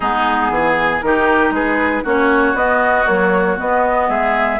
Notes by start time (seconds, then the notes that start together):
0.00 G#3 B3 D#4 G#4
0.49 E3 G#4
1.01 D#3 D#4 G4 A#4
1.50 G#3 G#4 B4
2.03 A#3 C#4 F#4 C#5
2.54 B3 D#5
3.06 F#3 A#3 C#5
3.57 B3 D#5
4.08 G#3 G#4 E5